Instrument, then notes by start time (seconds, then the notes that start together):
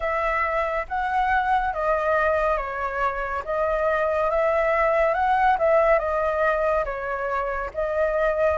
flute
0.00 E5
0.88 F#5
1.73 D#5
2.57 C#5
3.44 D#5
4.30 E5
5.14 F#5
5.58 E5
5.98 D#5
6.85 C#5
7.74 D#5